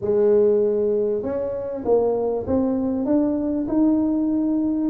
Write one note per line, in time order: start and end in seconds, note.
0.01 1.22 G#3
1.22 1.84 C#4
1.85 2.46 A#3
2.46 3.05 C4
3.05 3.66 D4
3.68 4.90 D#4